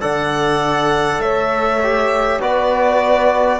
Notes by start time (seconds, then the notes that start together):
0.00 D3 A4 D5 F#5
1.19 A3 C#5 E5
1.83 G4
2.41 B3 F#4 B4 D5